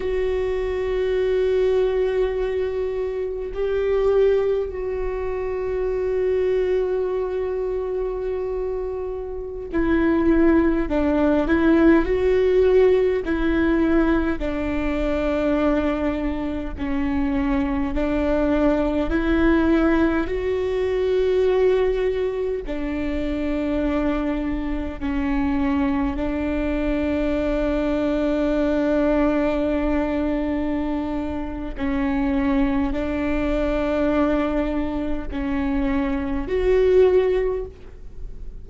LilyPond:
\new Staff \with { instrumentName = "viola" } { \time 4/4 \tempo 4 = 51 fis'2. g'4 | fis'1~ | fis'16 e'4 d'8 e'8 fis'4 e'8.~ | e'16 d'2 cis'4 d'8.~ |
d'16 e'4 fis'2 d'8.~ | d'4~ d'16 cis'4 d'4.~ d'16~ | d'2. cis'4 | d'2 cis'4 fis'4 | }